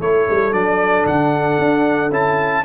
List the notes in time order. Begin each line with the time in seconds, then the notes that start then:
0.00 A3 E4 A4 C#5
0.30 G3
0.52 F#3 D4 D5
1.05 D3 F#5
1.58 D4
2.10 C#4 E4 A5